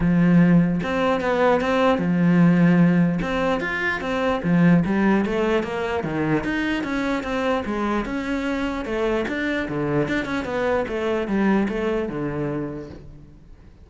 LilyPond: \new Staff \with { instrumentName = "cello" } { \time 4/4 \tempo 4 = 149 f2 c'4 b4 | c'4 f2. | c'4 f'4 c'4 f4 | g4 a4 ais4 dis4 |
dis'4 cis'4 c'4 gis4 | cis'2 a4 d'4 | d4 d'8 cis'8 b4 a4 | g4 a4 d2 | }